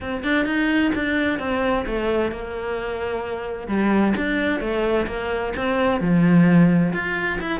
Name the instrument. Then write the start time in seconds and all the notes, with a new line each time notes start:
cello
0.01 C4
0.23 D4
0.45 D#4
0.95 D4
1.39 C4
1.86 A3
2.31 A#3
3.67 G3
4.16 D4
4.60 A3
5.06 A#3
5.56 C4
6.00 F3
6.93 F4
7.41 E4